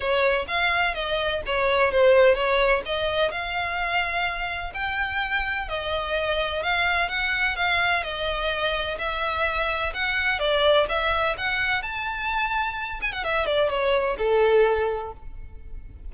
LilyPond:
\new Staff \with { instrumentName = "violin" } { \time 4/4 \tempo 4 = 127 cis''4 f''4 dis''4 cis''4 | c''4 cis''4 dis''4 f''4~ | f''2 g''2 | dis''2 f''4 fis''4 |
f''4 dis''2 e''4~ | e''4 fis''4 d''4 e''4 | fis''4 a''2~ a''8 gis''16 fis''16 | e''8 d''8 cis''4 a'2 | }